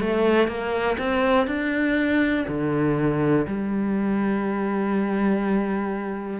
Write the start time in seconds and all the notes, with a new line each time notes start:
0.00 A3
0.48 A#3
0.98 C4
1.47 D4
2.48 D3
3.47 G3